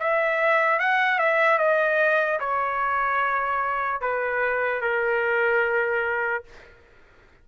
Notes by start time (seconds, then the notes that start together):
0.00 E5
0.80 F#5
1.19 E5
1.59 D#5
2.40 C#5
4.01 B4
4.82 A#4